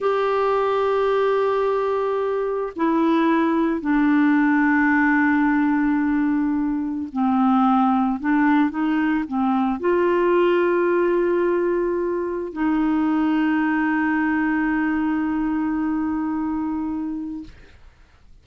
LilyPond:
\new Staff \with { instrumentName = "clarinet" } { \time 4/4 \tempo 4 = 110 g'1~ | g'4 e'2 d'4~ | d'1~ | d'4 c'2 d'4 |
dis'4 c'4 f'2~ | f'2. dis'4~ | dis'1~ | dis'1 | }